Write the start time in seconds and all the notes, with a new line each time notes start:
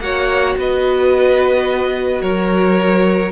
0.00 A#3 F#4 C#5 F#5
0.56 B3 B4 D#5
2.21 F#3 A#4 C#5